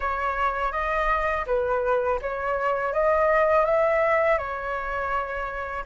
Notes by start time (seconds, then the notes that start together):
0.00 C#5
0.72 D#5
1.46 B4
2.21 C#5
2.93 D#5
3.65 E5
4.37 C#5